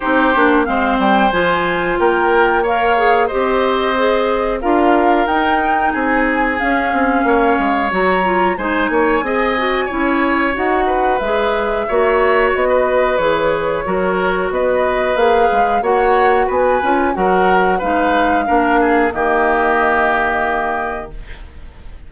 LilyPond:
<<
  \new Staff \with { instrumentName = "flute" } { \time 4/4 \tempo 4 = 91 c''4 f''8 g''8 gis''4 g''4 | f''4 dis''2 f''4 | g''4 gis''4 f''2 | ais''4 gis''2. |
fis''4 e''2 dis''4 | cis''2 dis''4 f''4 | fis''4 gis''4 fis''4 f''4~ | f''4 dis''2. | }
  \new Staff \with { instrumentName = "oboe" } { \time 4/4 g'4 c''2 ais'4 | cis''4 c''2 ais'4~ | ais'4 gis'2 cis''4~ | cis''4 c''8 cis''8 dis''4 cis''4~ |
cis''8 b'4. cis''4~ cis''16 b'8.~ | b'4 ais'4 b'2 | cis''4 b'4 ais'4 b'4 | ais'8 gis'8 g'2. | }
  \new Staff \with { instrumentName = "clarinet" } { \time 4/4 dis'8 d'8 c'4 f'2 | ais'8 gis'8 g'4 gis'4 f'4 | dis'2 cis'2 | fis'8 f'8 dis'4 gis'8 fis'8 e'4 |
fis'4 gis'4 fis'2 | gis'4 fis'2 gis'4 | fis'4. f'8 fis'4 dis'4 | d'4 ais2. | }
  \new Staff \with { instrumentName = "bassoon" } { \time 4/4 c'8 ais8 gis8 g8 f4 ais4~ | ais4 c'2 d'4 | dis'4 c'4 cis'8 c'8 ais8 gis8 | fis4 gis8 ais8 c'4 cis'4 |
dis'4 gis4 ais4 b4 | e4 fis4 b4 ais8 gis8 | ais4 b8 cis'8 fis4 gis4 | ais4 dis2. | }
>>